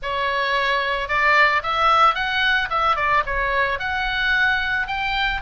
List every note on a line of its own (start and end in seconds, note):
0.02 1.08 C#5
1.08 1.62 D5
1.62 2.14 E5
2.14 2.69 F#5
2.70 2.96 E5
2.96 3.23 D5
3.26 3.79 C#5
3.79 4.87 F#5
4.87 5.41 G5